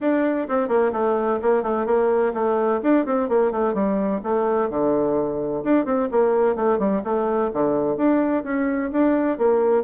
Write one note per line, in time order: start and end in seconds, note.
0.00 0.47 D4
0.48 0.68 C4
0.68 0.91 A#3
0.92 1.39 A3
1.42 1.63 A#3
1.63 1.85 A3
1.85 2.32 A#3
2.33 2.80 A3
2.82 3.05 D4
3.05 3.28 C4
3.28 3.51 A#3
3.51 3.74 A3
3.74 4.21 G3
4.23 4.69 A3
4.69 5.63 D3
5.64 5.85 D4
5.85 6.08 C4
6.11 6.55 A#3
6.55 6.78 A3
6.78 7.02 G3
7.04 7.50 A3
7.53 7.96 D3
7.96 8.43 D4
8.43 8.90 C#4
8.91 9.37 D4
9.37 9.83 A#3